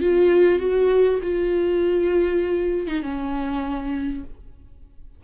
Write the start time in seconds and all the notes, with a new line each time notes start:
0.00 F4
0.59 F#4
1.22 F4
2.87 D#4
3.02 C#4